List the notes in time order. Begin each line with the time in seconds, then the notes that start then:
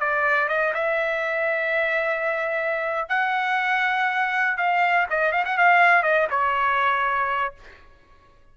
0.00 D5
0.48 D#5
0.74 E5
3.09 F#5
4.57 F5
5.10 D#5
5.32 F5
5.45 F#5
5.58 F5
6.03 D#5
6.30 C#5